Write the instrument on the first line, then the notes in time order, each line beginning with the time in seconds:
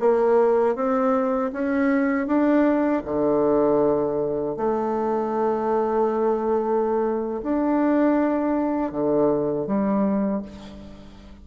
bassoon
0.00 A#3
0.76 C4
1.53 C#4
2.28 D4
3.06 D3
4.57 A3
7.44 D4
8.92 D3
9.67 G3